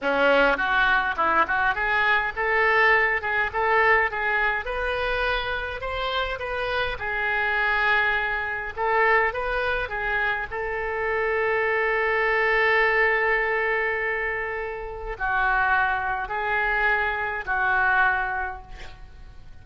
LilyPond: \new Staff \with { instrumentName = "oboe" } { \time 4/4 \tempo 4 = 103 cis'4 fis'4 e'8 fis'8 gis'4 | a'4. gis'8 a'4 gis'4 | b'2 c''4 b'4 | gis'2. a'4 |
b'4 gis'4 a'2~ | a'1~ | a'2 fis'2 | gis'2 fis'2 | }